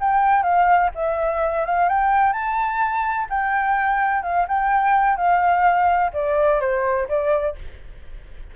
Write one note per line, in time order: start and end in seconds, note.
0.00 0.43 G5
0.43 0.90 F5
0.95 1.66 E5
1.66 1.89 F5
1.89 2.33 G5
2.33 3.27 A5
3.30 4.23 G5
4.23 4.46 F5
4.48 5.17 G5
5.17 6.11 F5
6.13 6.60 D5
6.60 7.07 C5
7.08 7.55 D5